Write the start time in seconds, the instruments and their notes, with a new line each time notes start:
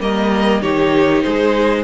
0.00 cello G3, viola A#3, violin A#4 D#5
0.62 cello D#3, viola D#4, violin G4 C#5
1.23 cello G#3, violin G#4 C5